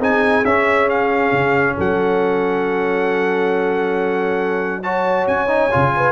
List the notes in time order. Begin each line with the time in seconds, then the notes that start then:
0.00 C4 D#4 G#4 G#5
0.45 C#4 E5
0.90 F5
1.32 C#3
1.76 F#3 A4 F#5
4.83 F#4 C#5 A5
5.27 C#4 G#5
5.48 D#4
5.71 C#3 F4
5.97 B4